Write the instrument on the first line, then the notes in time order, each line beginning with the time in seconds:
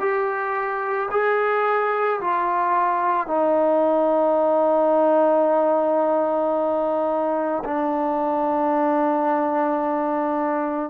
trombone
0.00 G4
1.11 G#4
2.21 F4
3.27 D#4
7.65 D4